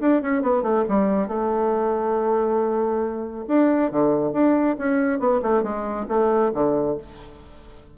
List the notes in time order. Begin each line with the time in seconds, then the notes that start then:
0.00 D4
0.22 C#4
0.42 B3
0.62 A3
0.88 G3
1.28 A3
3.47 D4
3.91 D3
4.33 D4
4.78 C#4
5.19 B3
5.42 A3
5.63 G#3
6.08 A3
6.54 D3